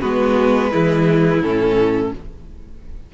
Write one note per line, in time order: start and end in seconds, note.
0.00 0.73 G#3
0.00 0.70 B3
0.00 0.70 F#4
0.00 1.41 B4
0.70 1.41 E3
0.70 1.41 G#3
0.70 2.11 E4
1.41 2.11 A2
1.41 2.14 C#4
1.41 2.12 A4